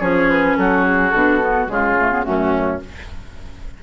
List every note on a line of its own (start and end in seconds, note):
0.00 0.56 F3
0.00 1.12 C#4
0.00 0.56 G#4
0.00 0.29 C#5
0.29 0.57 B4
0.57 1.13 F#3
0.57 1.71 F#4
0.57 0.84 A4
0.84 1.10 G#4
1.10 1.69 B2
1.10 1.40 D4
1.10 1.66 A4
1.40 1.66 B3
1.66 2.25 C#3
1.66 1.94 G#3
1.66 2.25 F4
1.66 2.23 G#4
1.98 2.11 A3
2.11 2.24 B3
2.23 2.83 F#2
2.23 2.80 A3
2.23 2.81 C#4
2.23 2.79 F#4